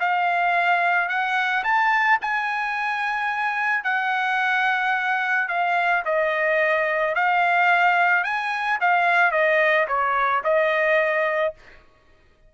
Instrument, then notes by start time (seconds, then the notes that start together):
trumpet
0.00 F5
1.09 F#5
1.64 A5
2.21 G#5
3.84 F#5
5.48 F5
6.05 D#5
7.15 F5
8.24 G#5
8.81 F5
9.32 D#5
9.88 C#5
10.44 D#5